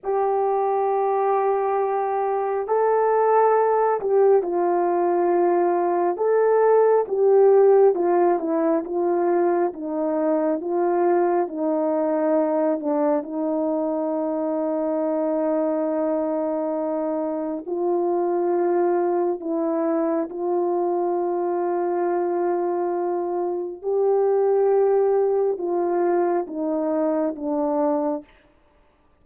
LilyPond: \new Staff \with { instrumentName = "horn" } { \time 4/4 \tempo 4 = 68 g'2. a'4~ | a'8 g'8 f'2 a'4 | g'4 f'8 e'8 f'4 dis'4 | f'4 dis'4. d'8 dis'4~ |
dis'1 | f'2 e'4 f'4~ | f'2. g'4~ | g'4 f'4 dis'4 d'4 | }